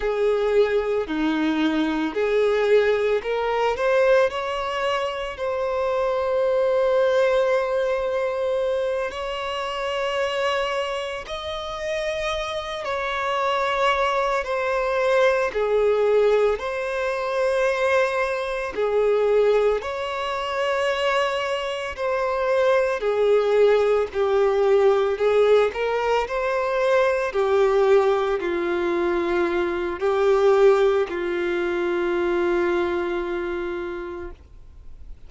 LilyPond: \new Staff \with { instrumentName = "violin" } { \time 4/4 \tempo 4 = 56 gis'4 dis'4 gis'4 ais'8 c''8 | cis''4 c''2.~ | c''8 cis''2 dis''4. | cis''4. c''4 gis'4 c''8~ |
c''4. gis'4 cis''4.~ | cis''8 c''4 gis'4 g'4 gis'8 | ais'8 c''4 g'4 f'4. | g'4 f'2. | }